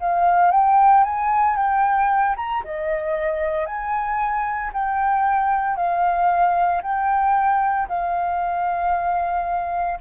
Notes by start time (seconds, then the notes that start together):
0.00 F5
0.51 G5
1.04 G#5
1.56 G5
2.36 A#5
2.64 D#5
3.66 G#5
4.73 G5
5.77 F5
6.83 G5
7.89 F5